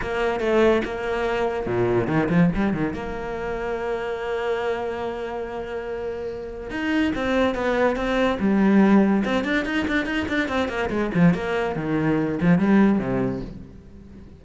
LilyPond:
\new Staff \with { instrumentName = "cello" } { \time 4/4 \tempo 4 = 143 ais4 a4 ais2 | ais,4 dis8 f8 g8 dis8 ais4~ | ais1~ | ais1 |
dis'4 c'4 b4 c'4 | g2 c'8 d'8 dis'8 d'8 | dis'8 d'8 c'8 ais8 gis8 f8 ais4 | dis4. f8 g4 c4 | }